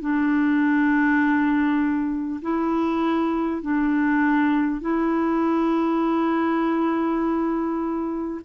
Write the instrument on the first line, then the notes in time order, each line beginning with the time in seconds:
clarinet
0.00 D4
2.42 E4
3.61 D4
4.81 E4